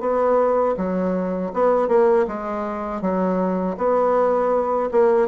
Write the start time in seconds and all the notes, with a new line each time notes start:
0.00 B3
0.77 F#3
1.53 B3
1.88 A#3
2.27 G#3
3.01 F#3
3.77 B3
4.91 A#3